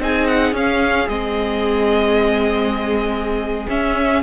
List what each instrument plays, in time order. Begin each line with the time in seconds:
0.00 cello C4, viola D#4, violin G#4 G#5
0.27 violin F#5
0.52 cello C#4, viola C#4, violin F5
1.08 cello G#3, viola C4, violin D#5
3.69 viola C#4, cello C#4, violin E5